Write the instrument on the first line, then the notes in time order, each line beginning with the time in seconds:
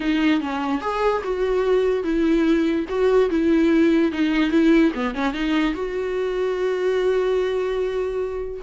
viola
0.00 D#4
0.40 C#4
0.81 G#4
1.23 F#4
2.03 E4
2.88 F#4
3.30 E4
4.12 D#4
4.50 E4
4.94 B3
5.14 C#4
5.33 D#4
5.74 F#4